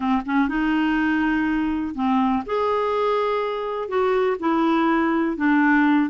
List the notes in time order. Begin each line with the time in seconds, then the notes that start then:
0.00 C4
0.25 C#4
0.48 D#4
1.94 C4
2.46 G#4
3.88 F#4
4.39 E4
5.36 D4